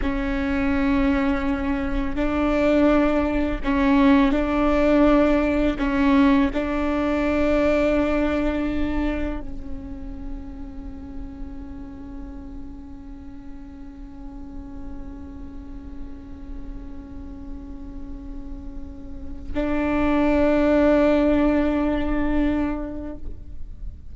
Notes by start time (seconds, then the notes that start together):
0.02 C#4
2.15 D4
3.63 C#4
4.32 D4
5.78 C#4
6.53 D4
9.40 C#4
19.54 D4